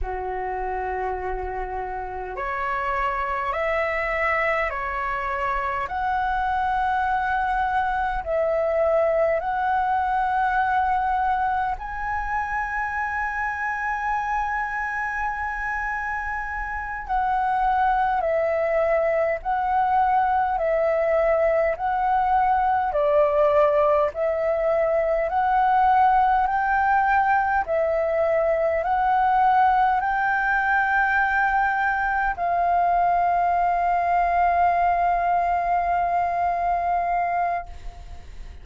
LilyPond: \new Staff \with { instrumentName = "flute" } { \time 4/4 \tempo 4 = 51 fis'2 cis''4 e''4 | cis''4 fis''2 e''4 | fis''2 gis''2~ | gis''2~ gis''8 fis''4 e''8~ |
e''8 fis''4 e''4 fis''4 d''8~ | d''8 e''4 fis''4 g''4 e''8~ | e''8 fis''4 g''2 f''8~ | f''1 | }